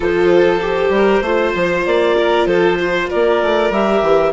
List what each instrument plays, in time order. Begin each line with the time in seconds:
0.00 bassoon F3, viola F4, violin A4, clarinet C5
0.61 viola G4
0.89 bassoon G3, violin A#4
1.21 bassoon A3, viola F4, violin C5
1.54 bassoon F3
1.86 bassoon A#3, clarinet D5
2.17 violin A#4
2.45 bassoon F3, violin A4, clarinet C5
2.79 violin C5
3.09 bassoon A#3, violin A#4, clarinet D5
3.42 bassoon A3
3.70 bassoon G3, viola G4, clarinet E5
4.02 bassoon E3